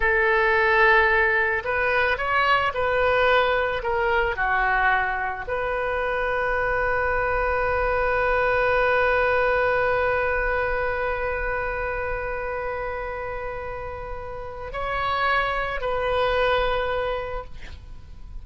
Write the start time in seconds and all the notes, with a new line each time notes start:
0.00 A4
1.64 B4
2.17 C#5
2.74 B4
3.83 A#4
4.36 F#4
5.47 B4
14.72 C#5
15.80 B4